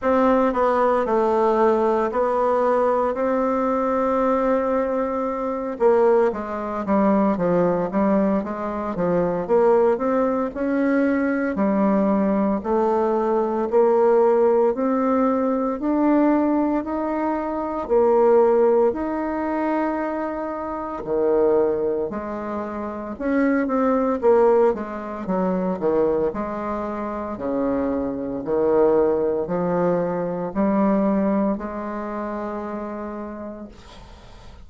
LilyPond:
\new Staff \with { instrumentName = "bassoon" } { \time 4/4 \tempo 4 = 57 c'8 b8 a4 b4 c'4~ | c'4. ais8 gis8 g8 f8 g8 | gis8 f8 ais8 c'8 cis'4 g4 | a4 ais4 c'4 d'4 |
dis'4 ais4 dis'2 | dis4 gis4 cis'8 c'8 ais8 gis8 | fis8 dis8 gis4 cis4 dis4 | f4 g4 gis2 | }